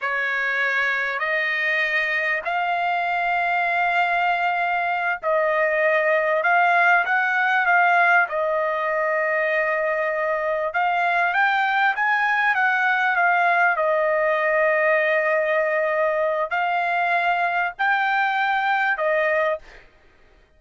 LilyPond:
\new Staff \with { instrumentName = "trumpet" } { \time 4/4 \tempo 4 = 98 cis''2 dis''2 | f''1~ | f''8 dis''2 f''4 fis''8~ | fis''8 f''4 dis''2~ dis''8~ |
dis''4. f''4 g''4 gis''8~ | gis''8 fis''4 f''4 dis''4.~ | dis''2. f''4~ | f''4 g''2 dis''4 | }